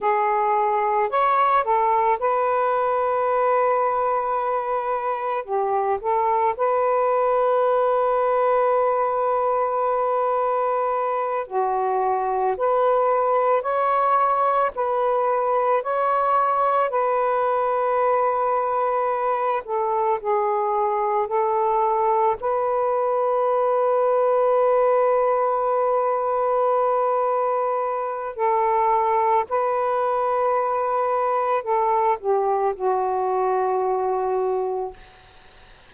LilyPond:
\new Staff \with { instrumentName = "saxophone" } { \time 4/4 \tempo 4 = 55 gis'4 cis''8 a'8 b'2~ | b'4 g'8 a'8 b'2~ | b'2~ b'8 fis'4 b'8~ | b'8 cis''4 b'4 cis''4 b'8~ |
b'2 a'8 gis'4 a'8~ | a'8 b'2.~ b'8~ | b'2 a'4 b'4~ | b'4 a'8 g'8 fis'2 | }